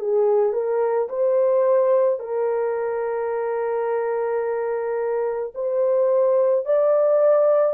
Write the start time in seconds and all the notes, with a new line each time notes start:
0.00 G#4
0.53 A#4
1.09 C5
2.20 A#4
5.55 C5
6.66 D5